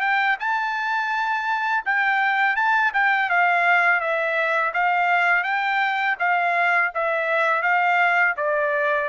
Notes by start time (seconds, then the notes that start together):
0.00 G5
0.39 A5
1.85 G5
2.56 A5
2.93 G5
3.29 F5
4.00 E5
4.73 F5
5.43 G5
6.19 F5
6.94 E5
7.62 F5
8.37 D5